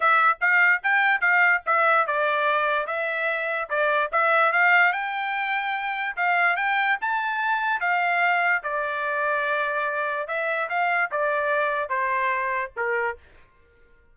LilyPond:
\new Staff \with { instrumentName = "trumpet" } { \time 4/4 \tempo 4 = 146 e''4 f''4 g''4 f''4 | e''4 d''2 e''4~ | e''4 d''4 e''4 f''4 | g''2. f''4 |
g''4 a''2 f''4~ | f''4 d''2.~ | d''4 e''4 f''4 d''4~ | d''4 c''2 ais'4 | }